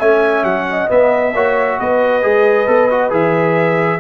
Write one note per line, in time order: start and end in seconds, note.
0.00 0.44 A3
0.00 0.89 C#4
0.00 0.67 E5
0.00 0.45 G#5
0.44 0.88 F#3
0.44 0.89 F#5
0.71 1.35 D#5
0.89 1.33 B3
0.89 1.35 B3
0.89 1.80 E5
1.35 1.79 A#3
1.35 2.23 F#4
1.35 1.79 C#5
1.80 2.25 B3
1.80 4.00 B4
1.80 3.13 D#5
2.23 2.68 G#3
2.23 2.67 G#4
2.67 3.12 B3
2.67 2.89 A4
2.91 3.10 F#4
3.10 4.00 E3
3.10 3.99 G#4
3.10 4.00 E5